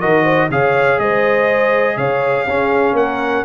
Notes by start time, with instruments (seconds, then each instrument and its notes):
0.00 tuba D#3, trombone F#4, horn A#4, trumpet D#5
0.23 horn C5
0.49 tuba C#3, trombone G#4, horn C#5, trumpet F5
0.98 tuba G#3, horn C5, trumpet D#5
1.96 tuba C#3, horn C#5, trumpet F5
2.46 tuba C#4, trombone C#4, horn G#4
2.93 tuba A#3, horn A#4, trumpet F#5